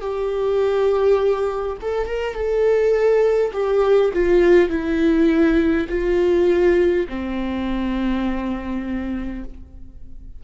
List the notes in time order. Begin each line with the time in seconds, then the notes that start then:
0.00 G4
1.81 A4
2.06 A#4
2.34 A4
3.52 G4
4.13 F4
4.69 E4
5.89 F4
7.08 C4